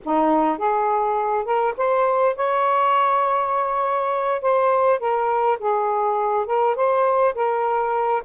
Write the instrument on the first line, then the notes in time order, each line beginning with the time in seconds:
saxophone
0.04 D#4
0.58 G#4
1.44 A#4
1.77 C5
2.35 C#5
4.41 C5
4.99 A#4
5.59 G#4
6.46 A#4
6.75 C5
7.34 A#4